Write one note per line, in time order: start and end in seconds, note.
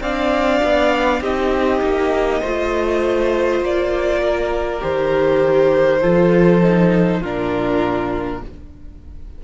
0.00 0.60 C4
0.00 1.23 D4
0.00 1.21 D5
0.00 1.22 F5
0.63 1.21 B3
1.21 1.80 C4
1.21 2.43 D#4
1.21 2.40 G4
1.21 3.64 D#5
1.81 2.41 A#3
2.40 3.61 A3
2.40 4.80 F4
2.40 4.20 C5
3.61 4.81 A#3
3.61 4.82 D5
4.21 6.00 A#4
4.80 6.03 D#3
4.80 6.00 G4
4.80 7.22 C5
6.00 7.21 F3
6.00 6.61 F4
6.00 7.20 A4
6.62 7.22 D#4
7.20 8.41 A#2
7.20 8.44 D4
7.20 8.40 F4
7.20 8.42 A#4